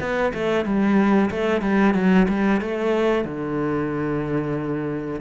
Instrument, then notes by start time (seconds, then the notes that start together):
cello
0.00 B3
0.34 A3
0.65 G3
1.30 A3
1.61 G3
1.94 F#3
2.29 G3
2.61 A3
3.25 D3